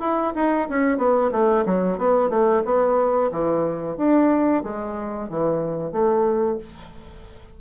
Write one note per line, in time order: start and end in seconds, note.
0.00 0.33 E4
0.35 0.68 D#4
0.69 0.98 C#4
0.98 1.31 B3
1.32 1.65 A3
1.66 1.98 F#3
1.98 2.30 B3
2.30 2.63 A3
2.65 3.31 B3
3.31 3.97 E3
3.97 4.63 D4
4.63 5.29 G#3
5.29 5.92 E3
5.92 6.58 A3